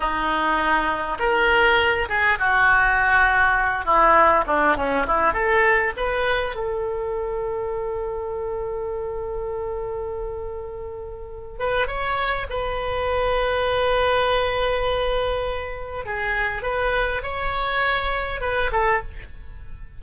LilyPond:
\new Staff \with { instrumentName = "oboe" } { \time 4/4 \tempo 4 = 101 dis'2 ais'4. gis'8 | fis'2~ fis'8 e'4 d'8 | cis'8 e'8 a'4 b'4 a'4~ | a'1~ |
a'2.~ a'8 b'8 | cis''4 b'2.~ | b'2. gis'4 | b'4 cis''2 b'8 a'8 | }